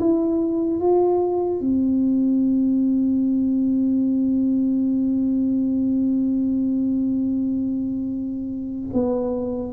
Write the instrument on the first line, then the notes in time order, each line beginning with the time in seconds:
tuba
0.00 E4
0.81 F4
1.61 C4
8.94 B3